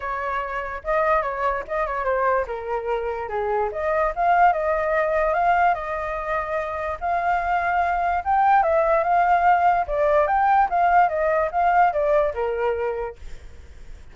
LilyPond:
\new Staff \with { instrumentName = "flute" } { \time 4/4 \tempo 4 = 146 cis''2 dis''4 cis''4 | dis''8 cis''8 c''4 ais'2 | gis'4 dis''4 f''4 dis''4~ | dis''4 f''4 dis''2~ |
dis''4 f''2. | g''4 e''4 f''2 | d''4 g''4 f''4 dis''4 | f''4 d''4 ais'2 | }